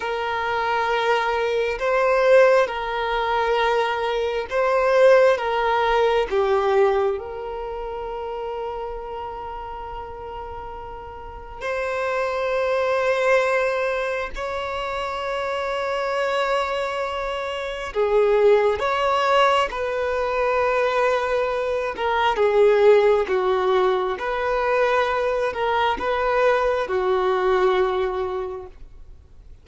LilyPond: \new Staff \with { instrumentName = "violin" } { \time 4/4 \tempo 4 = 67 ais'2 c''4 ais'4~ | ais'4 c''4 ais'4 g'4 | ais'1~ | ais'4 c''2. |
cis''1 | gis'4 cis''4 b'2~ | b'8 ais'8 gis'4 fis'4 b'4~ | b'8 ais'8 b'4 fis'2 | }